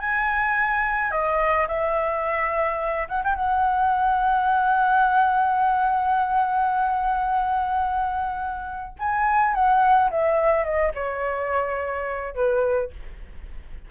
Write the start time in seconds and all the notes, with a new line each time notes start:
0.00 G#5
1.11 D#5
1.68 E5
3.09 F#5
3.24 G5
3.35 F#5
8.99 G#5
9.55 F#5
10.11 E5
10.64 D#5
10.95 C#5
12.35 B4